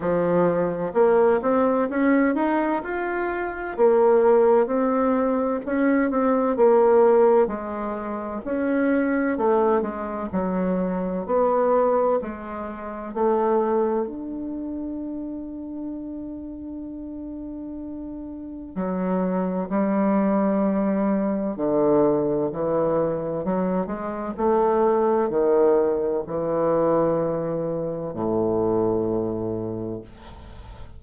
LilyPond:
\new Staff \with { instrumentName = "bassoon" } { \time 4/4 \tempo 4 = 64 f4 ais8 c'8 cis'8 dis'8 f'4 | ais4 c'4 cis'8 c'8 ais4 | gis4 cis'4 a8 gis8 fis4 | b4 gis4 a4 d'4~ |
d'1 | fis4 g2 d4 | e4 fis8 gis8 a4 dis4 | e2 a,2 | }